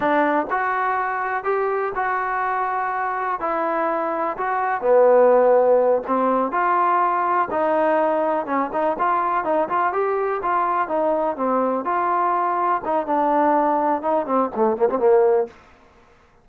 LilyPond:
\new Staff \with { instrumentName = "trombone" } { \time 4/4 \tempo 4 = 124 d'4 fis'2 g'4 | fis'2. e'4~ | e'4 fis'4 b2~ | b8 c'4 f'2 dis'8~ |
dis'4. cis'8 dis'8 f'4 dis'8 | f'8 g'4 f'4 dis'4 c'8~ | c'8 f'2 dis'8 d'4~ | d'4 dis'8 c'8 a8 ais16 c'16 ais4 | }